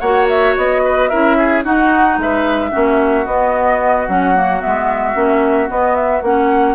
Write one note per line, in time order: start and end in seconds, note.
0.00 0.55 A#3
0.00 1.11 F#4
0.00 0.82 C#5
0.00 0.27 F#5
0.29 0.56 E5
0.57 1.11 B3
0.57 1.09 D#5
0.85 1.10 B4
1.09 1.65 C#4
1.09 1.64 E4
1.09 1.37 A#4
1.09 1.63 E5
1.38 1.65 G#4
1.64 2.71 D#4
1.64 2.18 D#4
1.64 2.19 F#4
1.64 2.20 F#5
2.18 2.72 G#3
2.18 2.71 B4
2.18 3.26 E5
2.71 3.26 A#3
2.71 3.25 C#4
2.71 6.75 F#4
3.26 4.08 B3
3.26 4.09 B3
3.26 4.07 D#5
4.08 4.62 F#3
4.08 4.36 C#4
4.08 4.62 F#5
4.36 4.60 A#3
4.60 5.14 B3
4.60 5.70 E5
4.66 5.15 G#3
5.14 5.69 A#3
5.14 5.68 C#4
5.69 6.23 B3
5.69 6.22 B3
5.69 5.95 D#5
5.95 6.22 E5
6.22 6.75 A#3
6.22 6.75 C#4
6.22 6.75 F#5